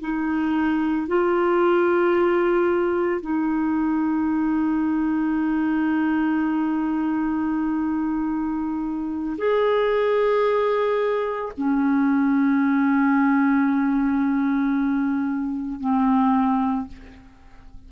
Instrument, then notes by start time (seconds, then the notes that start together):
clarinet
0.00 D#4
1.07 F4
3.21 D#4
9.38 G#4
11.57 C#4
15.80 C4